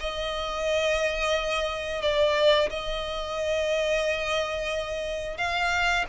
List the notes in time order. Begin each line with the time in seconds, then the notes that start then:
0.00 D#5
2.02 D5
2.70 D#5
5.37 F5